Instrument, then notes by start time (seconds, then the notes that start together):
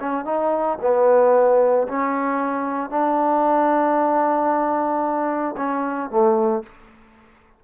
trombone
0.00 C#4
0.25 D#4
0.82 B3
1.88 C#4
2.90 D4
5.57 C#4
6.10 A3